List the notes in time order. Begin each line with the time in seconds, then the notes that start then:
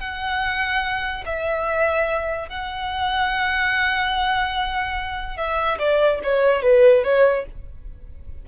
0.00 F#5
1.26 E5
2.49 F#5
5.37 E5
5.79 D5
6.24 C#5
6.62 B4
7.04 C#5